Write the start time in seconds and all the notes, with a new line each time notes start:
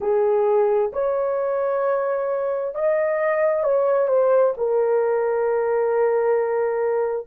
0.00 G#4
0.93 C#5
2.74 D#5
3.63 C#5
4.07 C5
4.57 A#4